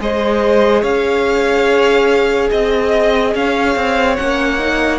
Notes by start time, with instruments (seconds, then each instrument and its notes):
0.00 cello G#3, viola G#4, violin C5 D#5
0.82 cello C#4, violin C#5 F5
2.51 cello C4, violin D#5
3.35 cello C#4, violin C#5 F5
3.76 cello C4
4.17 cello A#3, viola C#4, violin F#5
4.60 viola D#4